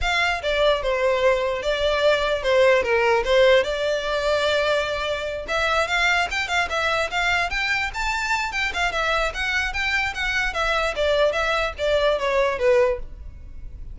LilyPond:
\new Staff \with { instrumentName = "violin" } { \time 4/4 \tempo 4 = 148 f''4 d''4 c''2 | d''2 c''4 ais'4 | c''4 d''2.~ | d''4. e''4 f''4 g''8 |
f''8 e''4 f''4 g''4 a''8~ | a''4 g''8 f''8 e''4 fis''4 | g''4 fis''4 e''4 d''4 | e''4 d''4 cis''4 b'4 | }